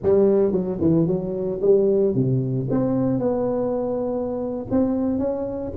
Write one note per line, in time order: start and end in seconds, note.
0.02 0.52 G3
0.52 0.78 F#3
0.80 1.06 E3
1.06 1.60 F#3
1.61 2.15 G3
2.15 2.68 C3
2.70 3.19 C4
3.19 4.66 B3
4.70 5.18 C4
5.18 5.72 C#4